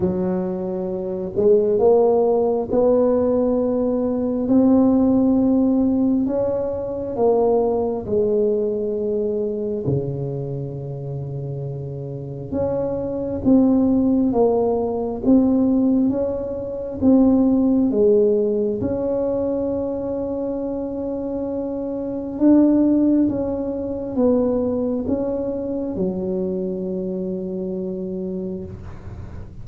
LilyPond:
\new Staff \with { instrumentName = "tuba" } { \time 4/4 \tempo 4 = 67 fis4. gis8 ais4 b4~ | b4 c'2 cis'4 | ais4 gis2 cis4~ | cis2 cis'4 c'4 |
ais4 c'4 cis'4 c'4 | gis4 cis'2.~ | cis'4 d'4 cis'4 b4 | cis'4 fis2. | }